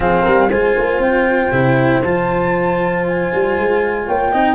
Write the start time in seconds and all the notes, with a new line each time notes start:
0.00 F3 C4 G#4 F5
0.22 G3 A#4
0.49 G#3 F4 C5 G#5
0.77 A#3
0.98 C4 G5
1.51 C3 E4
2.03 F3 F4 A5
3.08 G#5
3.33 G3
3.58 G#3
4.06 A#3 C#5 G5
4.31 C4 D#4 D#5